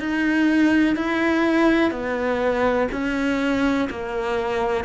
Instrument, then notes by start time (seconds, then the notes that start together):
cello
0.00 D#4
0.96 E4
1.91 B3
2.92 C#4
3.90 A#3